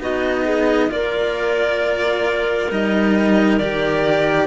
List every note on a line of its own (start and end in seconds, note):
0.00 0.90 B3
0.00 0.89 D#4
0.00 0.44 F#4
0.00 0.92 D#5
0.44 0.89 G#4
0.89 2.70 A#3
0.89 2.68 F4
0.89 4.47 A#4
0.89 2.71 D5
2.70 3.60 G3
2.70 3.60 D#4
2.70 3.58 D#5
3.58 4.47 D#3
3.58 4.47 G4
3.58 4.47 D5